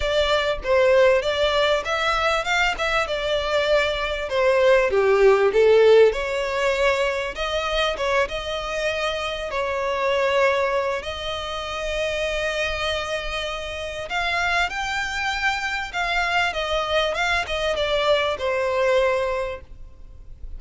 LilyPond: \new Staff \with { instrumentName = "violin" } { \time 4/4 \tempo 4 = 98 d''4 c''4 d''4 e''4 | f''8 e''8 d''2 c''4 | g'4 a'4 cis''2 | dis''4 cis''8 dis''2 cis''8~ |
cis''2 dis''2~ | dis''2. f''4 | g''2 f''4 dis''4 | f''8 dis''8 d''4 c''2 | }